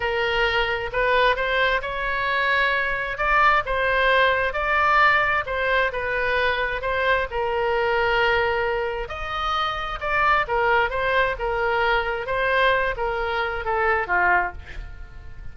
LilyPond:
\new Staff \with { instrumentName = "oboe" } { \time 4/4 \tempo 4 = 132 ais'2 b'4 c''4 | cis''2. d''4 | c''2 d''2 | c''4 b'2 c''4 |
ais'1 | dis''2 d''4 ais'4 | c''4 ais'2 c''4~ | c''8 ais'4. a'4 f'4 | }